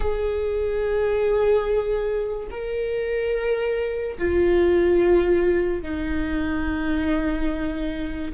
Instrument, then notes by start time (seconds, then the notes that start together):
viola
0.00 G#4
2.50 A#4
4.17 F4
5.82 D#4